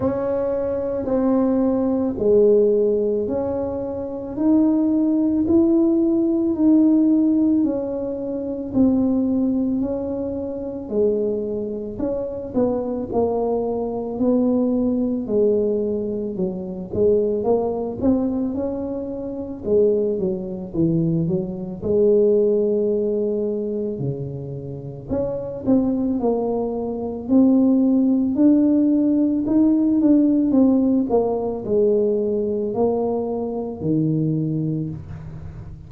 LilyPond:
\new Staff \with { instrumentName = "tuba" } { \time 4/4 \tempo 4 = 55 cis'4 c'4 gis4 cis'4 | dis'4 e'4 dis'4 cis'4 | c'4 cis'4 gis4 cis'8 b8 | ais4 b4 gis4 fis8 gis8 |
ais8 c'8 cis'4 gis8 fis8 e8 fis8 | gis2 cis4 cis'8 c'8 | ais4 c'4 d'4 dis'8 d'8 | c'8 ais8 gis4 ais4 dis4 | }